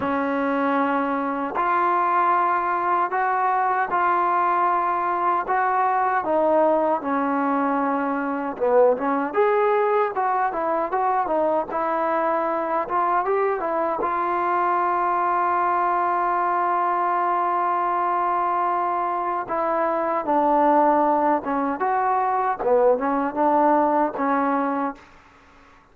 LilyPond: \new Staff \with { instrumentName = "trombone" } { \time 4/4 \tempo 4 = 77 cis'2 f'2 | fis'4 f'2 fis'4 | dis'4 cis'2 b8 cis'8 | gis'4 fis'8 e'8 fis'8 dis'8 e'4~ |
e'8 f'8 g'8 e'8 f'2~ | f'1~ | f'4 e'4 d'4. cis'8 | fis'4 b8 cis'8 d'4 cis'4 | }